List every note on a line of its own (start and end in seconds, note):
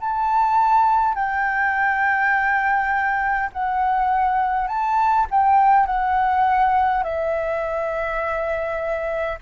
0.00 1.14 A5
1.14 3.50 G5
3.52 4.68 F#5
4.68 5.27 A5
5.30 5.86 G5
5.86 7.03 F#5
7.03 9.39 E5